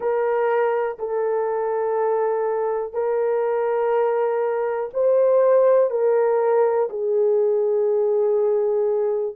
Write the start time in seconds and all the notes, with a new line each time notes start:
0.00 A#4
0.98 A4
2.93 A#4
4.93 C5
5.90 A#4
6.89 G#4